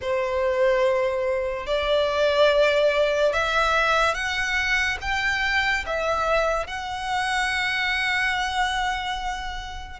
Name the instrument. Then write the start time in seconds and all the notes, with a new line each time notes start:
violin
0.01 C5
1.66 D5
3.33 E5
4.14 F#5
5.01 G5
5.86 E5
6.66 F#5